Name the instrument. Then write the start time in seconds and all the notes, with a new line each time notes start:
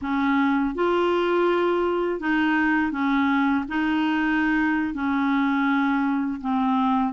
clarinet
0.01 C#4
0.74 F4
2.20 D#4
2.91 C#4
3.68 D#4
4.94 C#4
6.40 C4